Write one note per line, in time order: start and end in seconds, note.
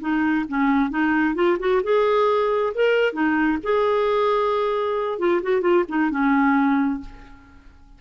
0.00 0.45 D#4
0.48 0.90 C#4
0.90 1.35 D#4
1.35 1.57 F4
1.59 1.81 F#4
1.83 2.73 G#4
2.74 3.13 A#4
3.13 3.58 D#4
3.63 5.18 G#4
5.18 5.41 F4
5.42 5.61 F#4
5.61 5.84 F4
5.88 6.10 D#4
6.10 7.00 C#4